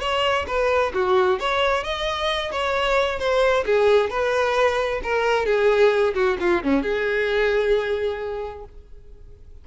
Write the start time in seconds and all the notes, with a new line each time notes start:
0.00 C#5
0.47 B4
0.94 F#4
1.39 C#5
1.84 D#5
2.52 C#5
3.19 C5
3.65 G#4
4.10 B4
5.03 A#4
5.45 G#4
6.14 F#4
6.40 F4
6.63 C#4
6.83 G#4